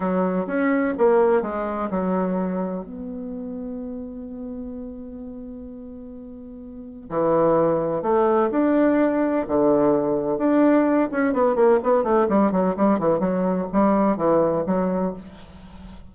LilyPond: \new Staff \with { instrumentName = "bassoon" } { \time 4/4 \tempo 4 = 127 fis4 cis'4 ais4 gis4 | fis2 b2~ | b1~ | b2. e4~ |
e4 a4 d'2 | d2 d'4. cis'8 | b8 ais8 b8 a8 g8 fis8 g8 e8 | fis4 g4 e4 fis4 | }